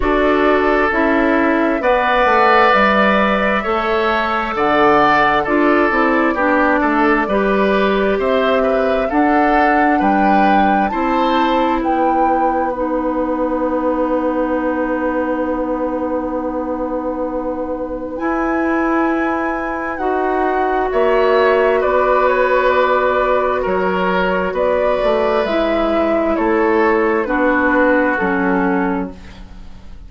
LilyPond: <<
  \new Staff \with { instrumentName = "flute" } { \time 4/4 \tempo 4 = 66 d''4 e''4 fis''4 e''4~ | e''4 fis''4 d''2~ | d''4 e''4 fis''4 g''4 | a''4 g''4 fis''2~ |
fis''1 | gis''2 fis''4 e''4 | d''8 cis''8 d''4 cis''4 d''4 | e''4 cis''4 b'4 a'4 | }
  \new Staff \with { instrumentName = "oboe" } { \time 4/4 a'2 d''2 | cis''4 d''4 a'4 g'8 a'8 | b'4 c''8 b'8 a'4 b'4 | c''4 b'2.~ |
b'1~ | b'2. cis''4 | b'2 ais'4 b'4~ | b'4 a'4 fis'2 | }
  \new Staff \with { instrumentName = "clarinet" } { \time 4/4 fis'4 e'4 b'2 | a'2 f'8 e'8 d'4 | g'2 d'2 | e'2 dis'2~ |
dis'1 | e'2 fis'2~ | fis'1 | e'2 d'4 cis'4 | }
  \new Staff \with { instrumentName = "bassoon" } { \time 4/4 d'4 cis'4 b8 a8 g4 | a4 d4 d'8 c'8 b8 a8 | g4 c'4 d'4 g4 | c'4 b2.~ |
b1 | e'2 dis'4 ais4 | b2 fis4 b8 a8 | gis4 a4 b4 fis4 | }
>>